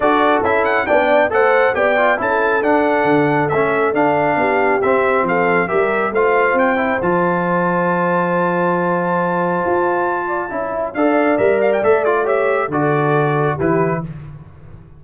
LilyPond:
<<
  \new Staff \with { instrumentName = "trumpet" } { \time 4/4 \tempo 4 = 137 d''4 e''8 fis''8 g''4 fis''4 | g''4 a''4 fis''2 | e''4 f''2 e''4 | f''4 e''4 f''4 g''4 |
a''1~ | a''1~ | a''4 f''4 e''8 f''16 g''16 e''8 d''8 | e''4 d''2 b'4 | }
  \new Staff \with { instrumentName = "horn" } { \time 4/4 a'2 d''4 c''4 | d''4 a'2.~ | a'2 g'2 | a'4 ais'4 c''2~ |
c''1~ | c''2.~ c''8 d''8 | e''4 d''2. | cis''4 a'2 g'4 | }
  \new Staff \with { instrumentName = "trombone" } { \time 4/4 fis'4 e'4 d'4 a'4 | g'8 f'8 e'4 d'2 | cis'4 d'2 c'4~ | c'4 g'4 f'4. e'8 |
f'1~ | f'1 | e'4 a'4 ais'4 a'8 f'8 | g'4 fis'2 e'4 | }
  \new Staff \with { instrumentName = "tuba" } { \time 4/4 d'4 cis'4 b4 a4 | b4 cis'4 d'4 d4 | a4 d'4 b4 c'4 | f4 g4 a4 c'4 |
f1~ | f2 f'2 | cis'4 d'4 g4 a4~ | a4 d2 e4 | }
>>